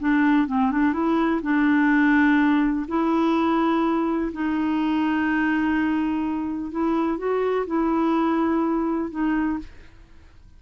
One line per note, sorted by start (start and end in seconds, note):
0.00 0.48 D4
0.48 0.72 C4
0.72 0.93 D4
0.93 1.41 E4
1.42 2.86 D4
2.88 4.32 E4
4.33 6.72 D#4
6.72 7.18 E4
7.18 7.66 F#4
7.67 9.11 E4
9.11 9.59 D#4